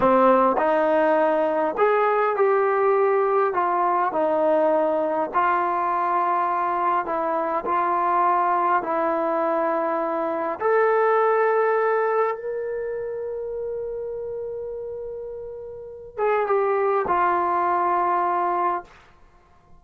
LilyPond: \new Staff \with { instrumentName = "trombone" } { \time 4/4 \tempo 4 = 102 c'4 dis'2 gis'4 | g'2 f'4 dis'4~ | dis'4 f'2. | e'4 f'2 e'4~ |
e'2 a'2~ | a'4 ais'2.~ | ais'2.~ ais'8 gis'8 | g'4 f'2. | }